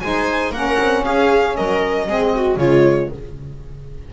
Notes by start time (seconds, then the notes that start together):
0.00 G#3 D#4 C5 G#5
0.50 A#3 C#4 A#4 F#5
0.80 C4
1.04 C#4 G#4 F5
1.56 F#3 A#4 D#5
2.07 G#3 C4 G#4
2.35 F#4
2.56 C#3 G#3 F4 C#5